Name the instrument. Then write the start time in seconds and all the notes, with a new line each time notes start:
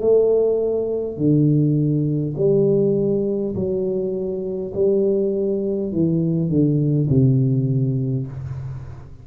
tuba
0.00 A3
1.17 D3
2.36 G3
3.55 F#3
4.74 G3
5.92 E3
6.49 D3
7.09 C3